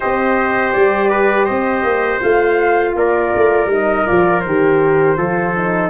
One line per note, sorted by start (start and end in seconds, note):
0.00 0.75 C4
0.00 2.21 G4
0.00 1.10 C5
0.00 0.72 D#5
0.72 1.49 G3
0.72 1.45 D5
1.10 1.44 B4
1.44 1.83 C4
1.44 2.93 C5
1.44 2.19 D#5
1.83 2.20 A#3
2.21 2.95 A3
2.21 3.69 F4
2.21 2.96 F5
2.95 3.32 A#3
2.95 5.17 A#4
2.95 3.70 D5
3.35 3.66 A3
3.66 4.03 G3
3.66 4.05 D#4
3.73 4.06 D#5
4.05 4.45 F3
4.05 4.42 F4
4.05 4.40 D5
4.40 5.17 D#3
4.40 5.88 C5
4.47 5.17 G4
5.17 5.90 F3
5.17 5.54 F4
5.17 5.90 A4
5.56 5.90 D#4